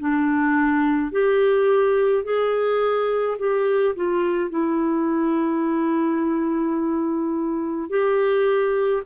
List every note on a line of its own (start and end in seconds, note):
0.00 1.12 D4
1.12 2.24 G4
2.24 3.38 G#4
3.39 3.95 G4
3.96 4.50 F4
4.50 7.90 E4
7.90 9.03 G4